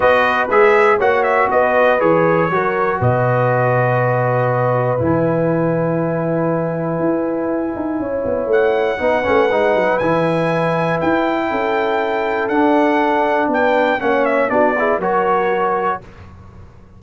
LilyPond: <<
  \new Staff \with { instrumentName = "trumpet" } { \time 4/4 \tempo 4 = 120 dis''4 e''4 fis''8 e''8 dis''4 | cis''2 dis''2~ | dis''2 gis''2~ | gis''1~ |
gis''4 fis''2. | gis''2 g''2~ | g''4 fis''2 g''4 | fis''8 e''8 d''4 cis''2 | }
  \new Staff \with { instrumentName = "horn" } { \time 4/4 b'2 cis''4 b'4~ | b'4 ais'4 b'2~ | b'1~ | b'1 |
cis''2 b'2~ | b'2. a'4~ | a'2. b'4 | cis''4 fis'8 gis'8 ais'2 | }
  \new Staff \with { instrumentName = "trombone" } { \time 4/4 fis'4 gis'4 fis'2 | gis'4 fis'2.~ | fis'2 e'2~ | e'1~ |
e'2 dis'8 cis'8 dis'4 | e'1~ | e'4 d'2. | cis'4 d'8 e'8 fis'2 | }
  \new Staff \with { instrumentName = "tuba" } { \time 4/4 b4 gis4 ais4 b4 | e4 fis4 b,2~ | b,2 e2~ | e2 e'4. dis'8 |
cis'8 b8 a4 b8 a8 gis8 fis8 | e2 e'4 cis'4~ | cis'4 d'2 b4 | ais4 b4 fis2 | }
>>